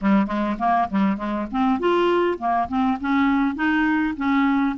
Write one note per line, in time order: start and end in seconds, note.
0.01 0.26 G3
0.26 0.56 G#3
0.58 0.88 A#3
0.89 1.17 G3
1.17 1.47 G#3
1.51 1.79 C4
1.79 2.38 F4
2.38 2.68 A#3
2.68 2.98 C4
3.00 3.55 C#4
3.55 4.14 D#4
4.16 4.76 C#4